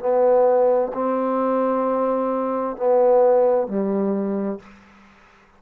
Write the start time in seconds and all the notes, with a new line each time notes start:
0.00 B3
0.94 C4
2.77 B3
3.68 G3